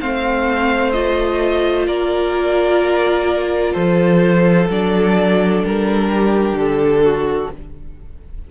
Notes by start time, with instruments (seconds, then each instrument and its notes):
0.00 cello A3, viola C4, violin C5 F5
0.92 viola F4, violin D#5
1.87 cello A#3, violin A#4 D5
3.73 cello F3, violin A4 C5
4.70 cello F#3, viola D4, violin D5
5.65 cello G3, violin A#4
6.12 violin G4
6.53 cello D3, violin A4
7.04 violin F#4